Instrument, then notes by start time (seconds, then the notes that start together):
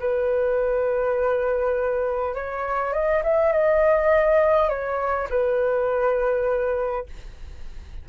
flute
0.00 B4
2.35 C#5
2.93 D#5
3.23 E5
3.52 D#5
4.69 C#5
5.29 B4